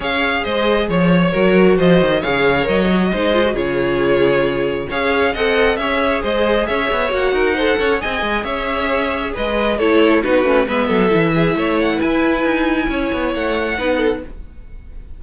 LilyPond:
<<
  \new Staff \with { instrumentName = "violin" } { \time 4/4 \tempo 4 = 135 f''4 dis''4 cis''2 | dis''4 f''4 dis''2 | cis''2. f''4 | fis''4 e''4 dis''4 e''4 |
fis''2 gis''4 e''4~ | e''4 dis''4 cis''4 b'4 | e''2~ e''8 fis''8 gis''4~ | gis''2 fis''2 | }
  \new Staff \with { instrumentName = "violin" } { \time 4/4 cis''4 c''4 cis''4 ais'4 | c''4 cis''2 c''4 | gis'2. cis''4 | dis''4 cis''4 c''4 cis''4~ |
cis''8 ais'8 c''8 cis''8 dis''4 cis''4~ | cis''4 b'4 a'4 fis'4 | b'8 a'4 gis'8 cis''4 b'4~ | b'4 cis''2 b'8 a'8 | }
  \new Staff \with { instrumentName = "viola" } { \time 4/4 gis'2. fis'4~ | fis'4 gis'4 ais'8 fis'8 dis'8 f'16 fis'16 | f'2. gis'4 | a'4 gis'2. |
fis'4 a'4 gis'2~ | gis'2 e'4 dis'8 cis'8 | b4 e'2.~ | e'2. dis'4 | }
  \new Staff \with { instrumentName = "cello" } { \time 4/4 cis'4 gis4 f4 fis4 | f8 dis8 cis4 fis4 gis4 | cis2. cis'4 | c'4 cis'4 gis4 cis'8 b8 |
ais8 dis'4 cis'8 c'8 gis8 cis'4~ | cis'4 gis4 a4 b8 a8 | gis8 fis8 e4 a4 e'4 | dis'4 cis'8 b8 a4 b4 | }
>>